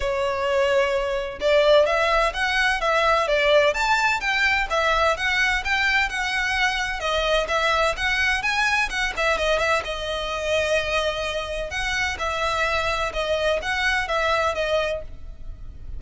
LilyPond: \new Staff \with { instrumentName = "violin" } { \time 4/4 \tempo 4 = 128 cis''2. d''4 | e''4 fis''4 e''4 d''4 | a''4 g''4 e''4 fis''4 | g''4 fis''2 dis''4 |
e''4 fis''4 gis''4 fis''8 e''8 | dis''8 e''8 dis''2.~ | dis''4 fis''4 e''2 | dis''4 fis''4 e''4 dis''4 | }